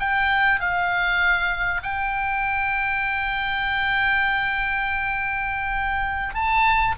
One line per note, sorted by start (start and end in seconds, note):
0.00 0.60 G5
0.60 1.82 F5
1.83 6.35 G5
6.35 6.96 A5